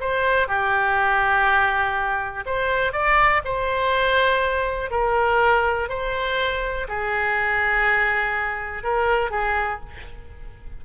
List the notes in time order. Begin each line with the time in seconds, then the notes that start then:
0.00 C5
0.48 G4
2.46 C5
2.93 D5
3.45 C5
4.91 A#4
5.89 C5
6.88 G#4
8.83 A#4
9.30 G#4